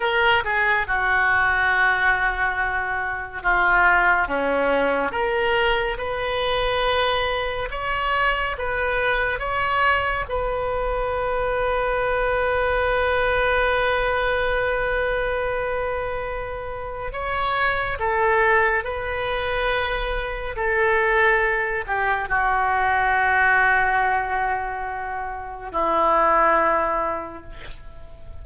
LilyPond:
\new Staff \with { instrumentName = "oboe" } { \time 4/4 \tempo 4 = 70 ais'8 gis'8 fis'2. | f'4 cis'4 ais'4 b'4~ | b'4 cis''4 b'4 cis''4 | b'1~ |
b'1 | cis''4 a'4 b'2 | a'4. g'8 fis'2~ | fis'2 e'2 | }